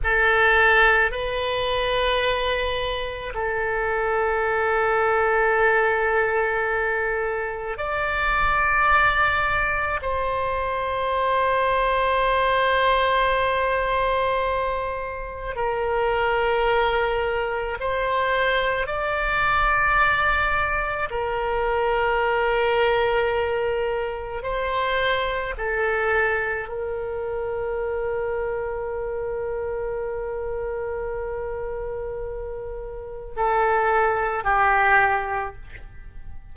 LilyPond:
\new Staff \with { instrumentName = "oboe" } { \time 4/4 \tempo 4 = 54 a'4 b'2 a'4~ | a'2. d''4~ | d''4 c''2.~ | c''2 ais'2 |
c''4 d''2 ais'4~ | ais'2 c''4 a'4 | ais'1~ | ais'2 a'4 g'4 | }